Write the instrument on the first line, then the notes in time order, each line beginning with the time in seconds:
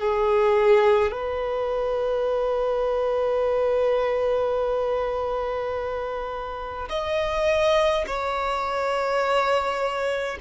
violin
0.00 G#4
1.12 B4
6.90 D#5
8.07 C#5